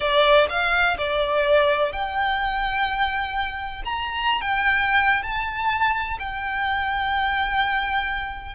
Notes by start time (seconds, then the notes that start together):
0.00 D5
0.49 F5
0.97 D5
1.92 G5
3.84 A#5
4.41 G5
5.23 A5
6.19 G5